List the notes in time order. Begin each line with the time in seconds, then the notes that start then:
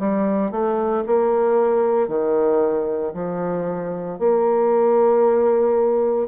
0.00 G3
0.52 A3
1.07 A#3
2.09 D#3
3.14 F3
4.20 A#3